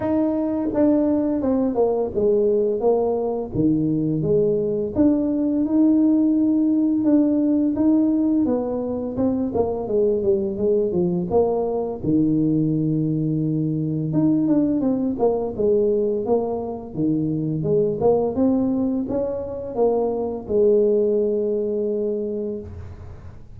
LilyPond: \new Staff \with { instrumentName = "tuba" } { \time 4/4 \tempo 4 = 85 dis'4 d'4 c'8 ais8 gis4 | ais4 dis4 gis4 d'4 | dis'2 d'4 dis'4 | b4 c'8 ais8 gis8 g8 gis8 f8 |
ais4 dis2. | dis'8 d'8 c'8 ais8 gis4 ais4 | dis4 gis8 ais8 c'4 cis'4 | ais4 gis2. | }